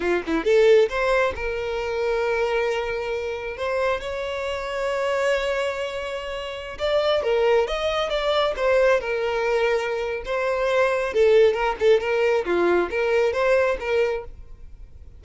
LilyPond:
\new Staff \with { instrumentName = "violin" } { \time 4/4 \tempo 4 = 135 f'8 e'8 a'4 c''4 ais'4~ | ais'1 | c''4 cis''2.~ | cis''2.~ cis''16 d''8.~ |
d''16 ais'4 dis''4 d''4 c''8.~ | c''16 ais'2~ ais'8. c''4~ | c''4 a'4 ais'8 a'8 ais'4 | f'4 ais'4 c''4 ais'4 | }